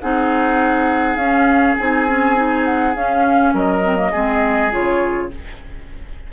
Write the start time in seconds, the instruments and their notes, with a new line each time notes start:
0.00 bassoon C4, clarinet D#4, oboe G#4, flute F#5
1.16 bassoon C#4, clarinet C#4, flute F5
1.77 bassoon C4, clarinet D#4, flute G#5
2.07 clarinet C#4
2.35 clarinet D#4
2.65 flute F#5
2.95 bassoon C#4, clarinet C#4, flute F5
3.54 bassoon F#3, oboe A#4, flute D#5
3.83 clarinet C4
3.96 clarinet A#3
4.11 bassoon G#3, clarinet C4, oboe G#4
4.70 bassoon C#3, clarinet F4, flute C#5